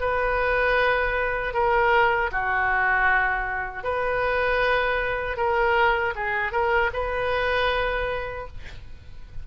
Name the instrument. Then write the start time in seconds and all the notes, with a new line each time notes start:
oboe
0.00 B4
1.53 A#4
2.31 F#4
3.84 B4
5.37 A#4
6.15 G#4
6.52 A#4
6.93 B4